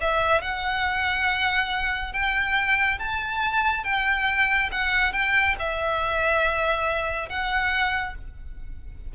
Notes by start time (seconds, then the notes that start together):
0.00 E5
0.41 F#5
2.12 G5
2.99 A5
3.83 G5
4.71 F#5
5.12 G5
5.59 E5
7.29 F#5